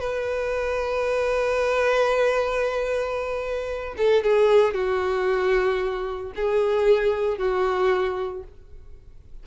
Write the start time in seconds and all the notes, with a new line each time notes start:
0.00 B4
3.97 A4
4.24 G#4
4.74 F#4
6.36 G#4
7.38 F#4